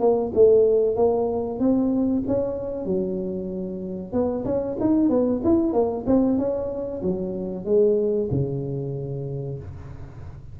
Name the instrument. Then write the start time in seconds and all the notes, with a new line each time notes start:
tuba
0.00 A#3
0.34 A3
0.96 A#3
1.59 C4
2.27 C#4
2.85 F#3
4.13 B3
4.45 C#4
4.80 D#4
5.09 B3
5.44 E4
5.73 A#3
6.07 C4
6.38 C#4
7.02 F#3
7.65 G#3
8.31 C#3